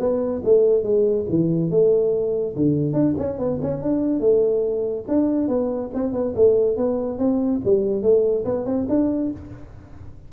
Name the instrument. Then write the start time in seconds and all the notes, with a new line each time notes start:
tuba
0.00 B3
0.45 A3
0.84 G#3
1.29 E3
1.70 A3
2.56 D3
2.93 D4
3.18 C#4
3.39 B3
3.62 C#4
3.82 D4
4.20 A3
5.08 D4
5.48 B3
5.94 C4
6.13 B3
6.36 A3
6.77 B3
7.19 C4
7.65 G3
8.02 A3
8.45 B3
8.66 C4
8.89 D4